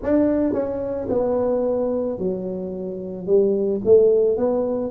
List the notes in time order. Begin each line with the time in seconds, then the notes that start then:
0.02 D4
0.53 C#4
1.09 B3
2.18 F#3
3.26 G3
3.85 A3
4.37 B3